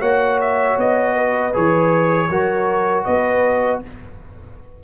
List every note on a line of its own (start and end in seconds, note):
0.00 0.77 A#3
0.00 1.53 F#4
0.00 1.14 C#5
0.00 0.40 F#5
0.41 0.79 E5
0.78 1.54 B3
0.78 1.56 D#5
1.16 2.30 B4
1.54 2.30 E3
1.54 2.30 G#4
1.54 3.05 C#5
2.30 3.06 F#3
2.30 3.84 F#4
2.30 3.06 A#4
3.05 3.83 B3
3.05 3.82 B4
3.05 3.81 D#5